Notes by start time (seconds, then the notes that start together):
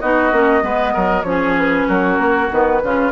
0.00 B3 D#4 F#4 D#5
0.32 A#3 C#4
0.61 G#3 B3 B4
0.93 F#3 A#4
1.23 F3 C#4 C#5
1.30 G#4
1.57 B4
1.88 F#3 F#4 A#4
2.18 A#3
2.51 D#3 B3 B4
2.83 C#3 C#4 F4